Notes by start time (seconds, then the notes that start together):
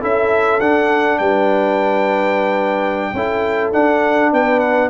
0.00 C#4 E4 A4 E5
0.60 D4 F#5
1.18 G3 B4 G5
3.13 C#4 E4 A4
3.73 D4 F#5
4.32 B3 B4 G5
4.60 F#5